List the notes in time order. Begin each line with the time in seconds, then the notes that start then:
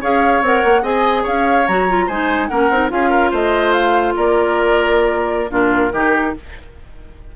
0.00 C#4 G#4 C#5 F5
0.41 C4 A#4 F#5
0.64 A#3
0.82 C4 G#4 D#5 G#5
1.22 C#4 C#5 F5
1.67 F#3 F#4 A#5
1.89 F4
2.06 G#3 D#4 C5 G#5
2.47 A#3 C#4 A#4 F#5
2.70 C4 D#4
2.89 C#4 F4 G#4 F5
3.09 A#4
3.31 A3 C5 D#5
3.72 F5
4.16 A#3 A#4 D5
5.49 A#2 D4 F4 A#4
5.92 D#3 D#4 G4